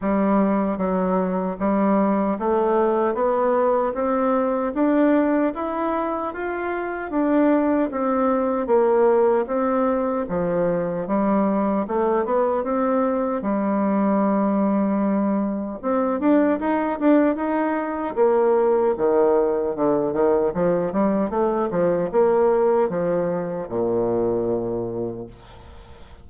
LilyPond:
\new Staff \with { instrumentName = "bassoon" } { \time 4/4 \tempo 4 = 76 g4 fis4 g4 a4 | b4 c'4 d'4 e'4 | f'4 d'4 c'4 ais4 | c'4 f4 g4 a8 b8 |
c'4 g2. | c'8 d'8 dis'8 d'8 dis'4 ais4 | dis4 d8 dis8 f8 g8 a8 f8 | ais4 f4 ais,2 | }